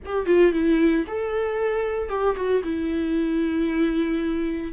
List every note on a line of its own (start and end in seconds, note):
0.05 0.26 G4
0.26 0.52 F4
0.52 1.05 E4
1.07 2.09 A4
2.09 2.35 G4
2.35 2.62 F#4
2.63 4.72 E4